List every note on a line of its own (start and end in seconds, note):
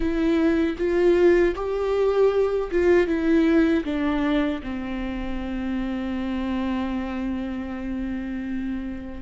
0.00 0.76 E4
0.78 1.55 F4
1.55 2.70 G4
2.71 3.07 F4
3.07 3.84 E4
3.84 4.61 D4
4.62 9.22 C4